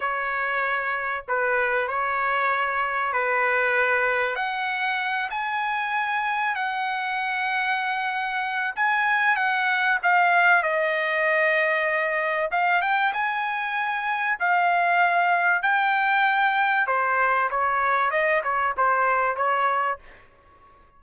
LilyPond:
\new Staff \with { instrumentName = "trumpet" } { \time 4/4 \tempo 4 = 96 cis''2 b'4 cis''4~ | cis''4 b'2 fis''4~ | fis''8 gis''2 fis''4.~ | fis''2 gis''4 fis''4 |
f''4 dis''2. | f''8 g''8 gis''2 f''4~ | f''4 g''2 c''4 | cis''4 dis''8 cis''8 c''4 cis''4 | }